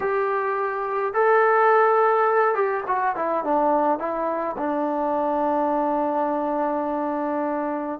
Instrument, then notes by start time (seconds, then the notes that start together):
trombone
0.00 G4
1.13 A4
2.55 G4
2.87 F#4
3.15 E4
3.44 D4
3.98 E4
4.57 D4